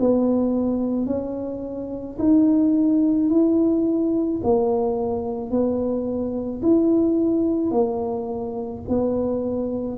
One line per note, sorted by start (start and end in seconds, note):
0.00 1.07 B3
1.07 2.18 C#4
2.19 3.30 D#4
3.30 4.41 E4
4.44 5.51 A#3
5.51 6.62 B3
6.63 7.72 E4
7.72 8.83 A#3
8.89 9.98 B3